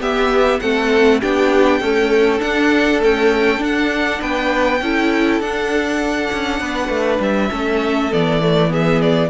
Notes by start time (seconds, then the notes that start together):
0.00 B3 G4 E5
0.60 A3 C4 A4 F#5
1.21 B3 D4 G4 G5
1.80 A3 C#4 A4
2.39 D4 F#5
2.99 A3 C#4 G5
3.58 D4
3.64 F#5
4.21 B3 B4 G5
4.81 C#4 E4 A4
5.40 D4 F#5
6.32 C#4
6.60 B3 B4
6.89 A3
7.19 G3 E5
7.50 A3 C#4 A4
8.11 E3 B3 D5
8.41 A3
8.68 B3 G#4 E5
9.01 D5